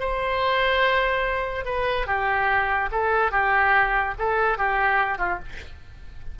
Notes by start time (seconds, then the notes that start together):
0.00 C5
1.66 B4
2.07 G4
2.92 A4
3.32 G4
4.19 A4
4.58 G4
5.19 F4